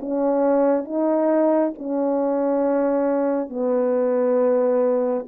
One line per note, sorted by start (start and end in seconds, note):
0.00 0.84 C#4
0.84 1.72 D#4
1.78 3.49 C#4
3.49 5.25 B3